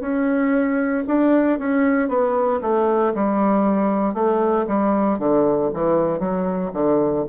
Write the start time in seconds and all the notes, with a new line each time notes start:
0.00 C#4
1.07 D4
1.58 C#4
2.08 B3
2.61 A3
3.14 G3
4.13 A3
4.67 G3
5.19 D3
5.73 E3
6.19 F#3
6.73 D3